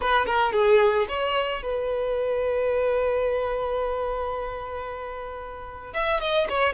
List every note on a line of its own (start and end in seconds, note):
0.00 0.26 B4
0.26 0.52 A#4
0.52 1.06 G#4
1.08 1.62 C#5
1.62 5.93 B4
5.93 6.20 E5
6.20 6.47 D#5
6.49 6.73 C#5